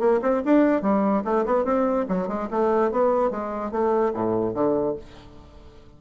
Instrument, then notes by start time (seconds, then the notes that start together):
bassoon
0.00 A#3
0.22 C4
0.45 D4
0.82 G3
1.25 A3
1.46 B3
1.65 C4
2.09 F#3
2.28 G#3
2.51 A3
2.92 B3
3.31 G#3
3.71 A3
4.14 A2
4.54 D3